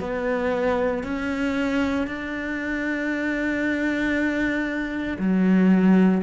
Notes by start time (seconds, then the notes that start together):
0.00 B3
1.03 C#4
2.07 D4
5.18 F#3